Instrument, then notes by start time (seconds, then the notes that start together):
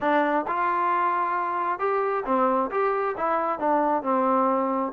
trombone
0.01 D4
0.47 F4
1.79 G4
2.25 C4
2.70 G4
3.17 E4
3.59 D4
4.02 C4